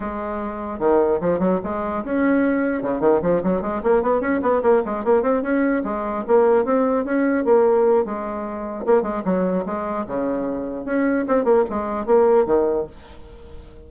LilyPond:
\new Staff \with { instrumentName = "bassoon" } { \time 4/4 \tempo 4 = 149 gis2 dis4 f8 fis8 | gis4 cis'2 cis8 dis8 | f8 fis8 gis8 ais8 b8 cis'8 b8 ais8 | gis8 ais8 c'8 cis'4 gis4 ais8~ |
ais8 c'4 cis'4 ais4. | gis2 ais8 gis8 fis4 | gis4 cis2 cis'4 | c'8 ais8 gis4 ais4 dis4 | }